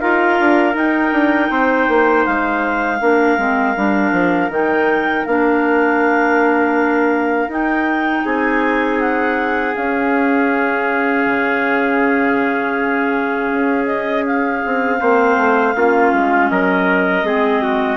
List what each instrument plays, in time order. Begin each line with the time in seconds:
0.00 bassoon D#4, clarinet F4 F5, trumpet A#4
0.40 bassoon D4
0.73 clarinet D#4 G5, bassoon D#4
1.12 bassoon D4
1.50 bassoon C4, trumpet C5
1.88 bassoon A#3
2.25 bassoon G#3, clarinet F5
3.01 bassoon A#3, clarinet D4, trumpet A#4
3.38 bassoon G#3, clarinet C4
3.77 bassoon G3, clarinet D4
4.12 bassoon F3
4.49 bassoon D#3, clarinet D#4 G5
5.25 bassoon A#3, clarinet D4 F5
7.48 bassoon D#4, clarinet D#4 G5
8.25 bassoon C4, trumpet G#4, clarinet G#5
9.01 clarinet F#5
9.75 clarinet C#4 F5, bassoon C#4
11.26 bassoon C#3
13.51 bassoon C#4
13.87 clarinet D#5
14.27 clarinet F5
14.65 bassoon C4
15.00 bassoon A#3, clarinet C4, trumpet C5
15.37 bassoon A3
15.75 bassoon A#3, clarinet C#4, trumpet F4
16.13 bassoon G#3
16.49 bassoon F#3, trumpet A#4, clarinet D#5
17.23 bassoon G#3, clarinet C4, trumpet G#4
17.63 trumpet F#4